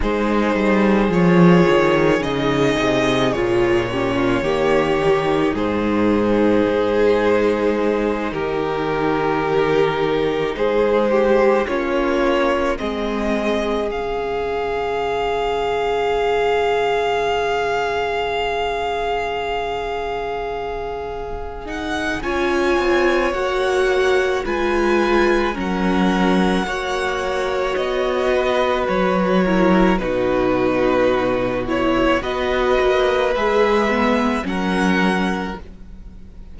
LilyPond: <<
  \new Staff \with { instrumentName = "violin" } { \time 4/4 \tempo 4 = 54 c''4 cis''4 dis''4 cis''4~ | cis''4 c''2~ c''8 ais'8~ | ais'4. c''4 cis''4 dis''8~ | dis''8 f''2.~ f''8~ |
f''2.~ f''8 fis''8 | gis''4 fis''4 gis''4 fis''4~ | fis''4 dis''4 cis''4 b'4~ | b'8 cis''8 dis''4 e''4 fis''4 | }
  \new Staff \with { instrumentName = "violin" } { \time 4/4 gis'2.~ gis'8 g'16 f'16 | g'4 gis'2~ gis'8 g'8~ | g'4. gis'8 g'8 f'4 gis'8~ | gis'1~ |
gis'1 | cis''2 b'4 ais'4 | cis''4. b'4 ais'8 fis'4~ | fis'4 b'2 ais'4 | }
  \new Staff \with { instrumentName = "viola" } { \time 4/4 dis'4 f'4 dis'4 f'8 cis'8 | ais8 dis'2.~ dis'8~ | dis'2~ dis'8 cis'4 c'8~ | c'8 cis'2.~ cis'8~ |
cis'2.~ cis'8 dis'8 | f'4 fis'4 f'4 cis'4 | fis'2~ fis'8 e'8 dis'4~ | dis'8 e'8 fis'4 gis'8 b8 cis'4 | }
  \new Staff \with { instrumentName = "cello" } { \time 4/4 gis8 g8 f8 dis8 cis8 c8 ais,4 | dis4 gis,4 gis4. dis8~ | dis4. gis4 ais4 gis8~ | gis8 cis2.~ cis8~ |
cis1 | cis'8 c'8 ais4 gis4 fis4 | ais4 b4 fis4 b,4~ | b,4 b8 ais8 gis4 fis4 | }
>>